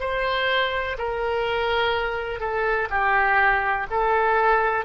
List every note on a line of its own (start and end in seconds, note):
0.00 0.97 C5
0.98 2.40 A#4
2.40 2.88 A4
2.90 3.87 G4
3.90 4.85 A4